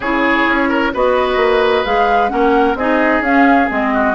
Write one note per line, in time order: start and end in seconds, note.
0.00 0.46 C#3
0.00 0.94 E4
0.00 0.68 G#4
0.00 0.93 C#5
0.47 0.93 C#4
0.68 0.92 A#4
0.93 1.36 B3
0.93 1.85 F#4
0.93 2.32 B4
0.93 1.85 D#5
1.36 1.82 A#3
1.85 2.31 G#3
1.85 2.28 G#4
1.85 2.29 F5
2.28 2.74 A#3
2.28 2.75 C#4
2.28 2.78 A#4
2.28 2.75 F#5
2.74 3.20 C4
2.74 3.23 D#4
2.74 3.93 G#4
2.74 3.22 D#5
3.20 3.66 C#4
3.20 3.69 C#4
3.20 3.69 F5
3.69 4.15 G#3
3.69 4.15 C4
3.69 4.15 D#5
3.93 4.15 F#4